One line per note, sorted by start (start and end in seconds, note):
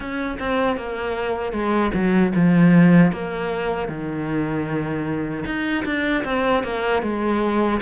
0.00 0.38 C#4
0.39 0.76 C4
0.76 1.52 A#3
1.52 1.91 G#3
1.93 2.32 F#3
2.35 3.12 F3
3.12 3.88 A#3
3.88 5.44 D#3
5.45 5.84 D#4
5.85 6.24 D4
6.24 6.63 C4
6.63 7.02 A#3
7.02 7.80 G#3